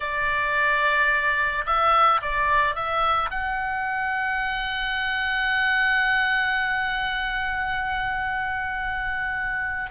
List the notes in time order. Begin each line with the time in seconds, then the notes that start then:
0.00 D5
1.65 E5
2.22 D5
2.75 E5
3.30 F#5